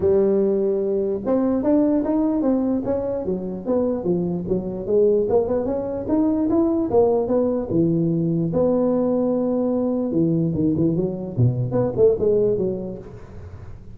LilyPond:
\new Staff \with { instrumentName = "tuba" } { \time 4/4 \tempo 4 = 148 g2. c'4 | d'4 dis'4 c'4 cis'4 | fis4 b4 f4 fis4 | gis4 ais8 b8 cis'4 dis'4 |
e'4 ais4 b4 e4~ | e4 b2.~ | b4 e4 dis8 e8 fis4 | b,4 b8 a8 gis4 fis4 | }